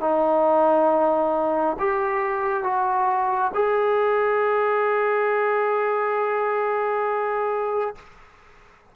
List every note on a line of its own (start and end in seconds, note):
0.00 1.76 D#4
1.78 2.63 G4
2.63 3.51 F#4
3.54 7.95 G#4